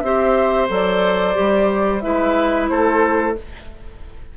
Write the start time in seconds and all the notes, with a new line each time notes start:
0.00 C4 G4 C5 E5
0.68 F#3 A4 D5
1.34 G3 G4
2.00 G#3 E4 B4 E5
2.68 A3 A4 C5